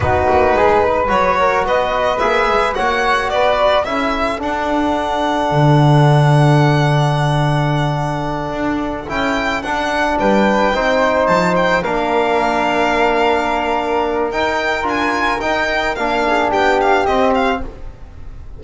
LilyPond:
<<
  \new Staff \with { instrumentName = "violin" } { \time 4/4 \tempo 4 = 109 b'2 cis''4 dis''4 | e''4 fis''4 d''4 e''4 | fis''1~ | fis''1~ |
fis''8 g''4 fis''4 g''4.~ | g''8 a''8 g''8 f''2~ f''8~ | f''2 g''4 gis''4 | g''4 f''4 g''8 f''8 dis''8 f''8 | }
  \new Staff \with { instrumentName = "flute" } { \time 4/4 fis'4 gis'8 b'4 ais'8 b'4~ | b'4 cis''4 b'4 a'4~ | a'1~ | a'1~ |
a'2~ a'8 b'4 c''8~ | c''4. ais'2~ ais'8~ | ais'1~ | ais'4. gis'8 g'2 | }
  \new Staff \with { instrumentName = "trombone" } { \time 4/4 dis'2 fis'2 | gis'4 fis'2 e'4 | d'1~ | d'1~ |
d'8 e'4 d'2 dis'8~ | dis'4. d'2~ d'8~ | d'2 dis'4 f'4 | dis'4 d'2 c'4 | }
  \new Staff \with { instrumentName = "double bass" } { \time 4/4 b8 ais8 gis4 fis4 b4 | ais8 gis8 ais4 b4 cis'4 | d'2 d2~ | d2.~ d8 d'8~ |
d'8 cis'4 d'4 g4 c'8~ | c'8 f4 ais2~ ais8~ | ais2 dis'4 d'4 | dis'4 ais4 b4 c'4 | }
>>